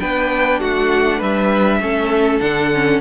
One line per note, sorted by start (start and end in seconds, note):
0.00 0.61 B3
0.00 1.82 D4
0.00 0.60 B4
0.00 0.61 G5
0.60 1.21 A3
0.60 1.19 F#4
0.60 1.22 F#5
1.19 1.80 G3
1.19 1.79 B4
1.19 2.40 E5
1.80 2.41 A3
1.80 2.42 C#4
1.80 3.01 A4
2.40 3.01 D3
2.40 2.72 D4
2.40 3.01 F#5
2.74 3.01 C#4